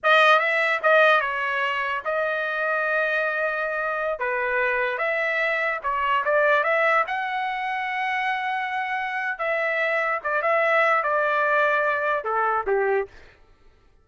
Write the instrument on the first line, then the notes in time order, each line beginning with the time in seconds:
trumpet
0.03 D#5
0.39 E5
0.83 D#5
1.21 C#5
2.04 D#5
4.19 B4
4.98 E5
5.83 C#5
6.24 D5
6.63 E5
7.07 F#5
9.38 E5
10.23 D5
10.42 E5
11.03 D5
12.24 A4
12.66 G4